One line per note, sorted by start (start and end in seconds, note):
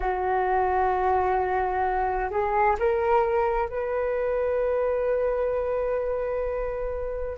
0.00 2.30 F#4
2.30 2.76 G#4
2.79 3.68 A#4
3.68 7.37 B4